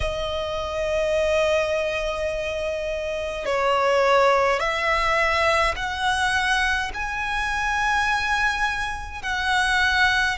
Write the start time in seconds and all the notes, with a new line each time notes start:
0.00 D#5
3.45 C#5
4.59 E5
5.75 F#5
6.93 G#5
9.22 F#5